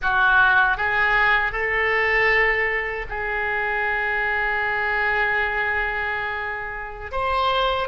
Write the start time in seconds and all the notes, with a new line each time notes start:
0.01 F#4
0.77 G#4
1.52 A4
3.09 G#4
7.11 C5